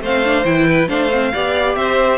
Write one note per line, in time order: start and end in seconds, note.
0.00 0.44 A3
0.00 0.24 C4
0.00 0.67 C5
0.00 0.45 F5
0.24 0.44 D4
0.44 0.88 E3
0.44 0.88 E4
0.44 0.89 G5
0.67 0.89 B4
0.88 1.33 A3
0.88 1.10 D4
0.88 1.32 C5
0.88 1.75 F5
1.11 1.33 C4
1.33 1.76 B3
1.33 2.18 G4
1.33 1.77 D5
1.75 2.18 C4
1.75 2.18 C5
1.75 2.18 E5